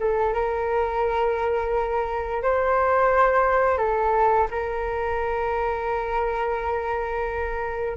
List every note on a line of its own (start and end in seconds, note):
0.00 0.34 A4
0.34 2.43 A#4
2.43 3.78 C5
3.78 4.48 A4
4.51 7.98 A#4